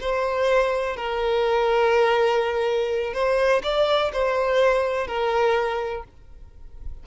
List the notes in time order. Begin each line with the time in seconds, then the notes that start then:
0.00 C5
0.96 A#4
3.13 C5
3.63 D5
4.12 C5
5.07 A#4